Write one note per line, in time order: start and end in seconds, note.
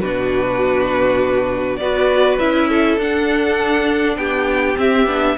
0.00 1.79 B2
0.00 1.80 D4
0.00 1.79 F#4
0.00 1.76 B4
1.76 2.38 B3
1.76 2.39 F#4
1.76 2.68 B4
1.76 2.36 D5
2.38 2.97 C#4
2.38 2.99 E4
2.38 2.98 E5
2.68 4.17 A4
2.97 4.16 D4
2.97 4.75 D4
2.97 4.17 F#5
4.16 4.75 B3
4.16 5.37 G4
4.16 4.76 G5
4.75 5.05 C4
4.75 5.06 C4
4.75 5.37 E5
5.06 5.35 B3
5.06 5.37 D4